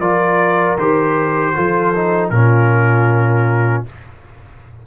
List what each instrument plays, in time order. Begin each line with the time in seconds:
0.00 tuba F3, trombone F4, horn A#4, trumpet D5
0.78 tuba D#3, trombone G4, trumpet C5
1.55 tuba F3, trombone F4, horn A4
1.95 trombone D#4
2.30 tuba A#2, trombone C#4, horn F4, trumpet A#4